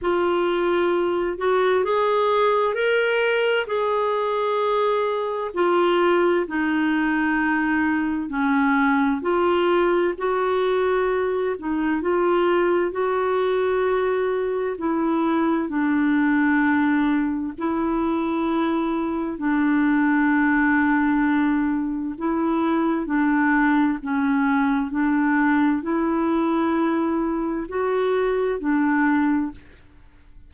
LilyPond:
\new Staff \with { instrumentName = "clarinet" } { \time 4/4 \tempo 4 = 65 f'4. fis'8 gis'4 ais'4 | gis'2 f'4 dis'4~ | dis'4 cis'4 f'4 fis'4~ | fis'8 dis'8 f'4 fis'2 |
e'4 d'2 e'4~ | e'4 d'2. | e'4 d'4 cis'4 d'4 | e'2 fis'4 d'4 | }